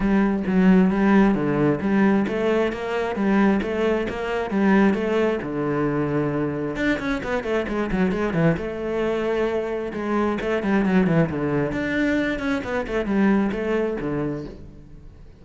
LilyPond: \new Staff \with { instrumentName = "cello" } { \time 4/4 \tempo 4 = 133 g4 fis4 g4 d4 | g4 a4 ais4 g4 | a4 ais4 g4 a4 | d2. d'8 cis'8 |
b8 a8 gis8 fis8 gis8 e8 a4~ | a2 gis4 a8 g8 | fis8 e8 d4 d'4. cis'8 | b8 a8 g4 a4 d4 | }